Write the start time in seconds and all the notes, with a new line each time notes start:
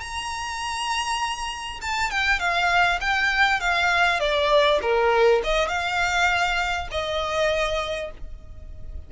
0.00 A#5
1.81 A5
2.11 G5
2.39 F5
3.01 G5
3.60 F5
4.19 D5
4.82 A#4
5.43 D#5
5.68 F5
6.91 D#5